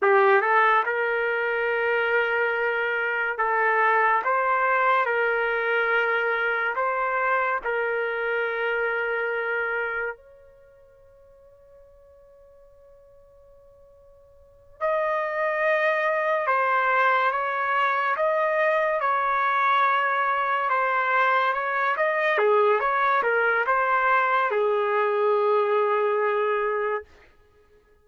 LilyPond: \new Staff \with { instrumentName = "trumpet" } { \time 4/4 \tempo 4 = 71 g'8 a'8 ais'2. | a'4 c''4 ais'2 | c''4 ais'2. | cis''1~ |
cis''4. dis''2 c''8~ | c''8 cis''4 dis''4 cis''4.~ | cis''8 c''4 cis''8 dis''8 gis'8 cis''8 ais'8 | c''4 gis'2. | }